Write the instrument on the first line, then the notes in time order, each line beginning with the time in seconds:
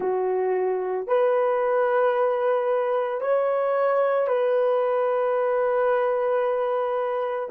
horn
0.00 F#4
1.07 B4
3.20 C#5
4.27 B4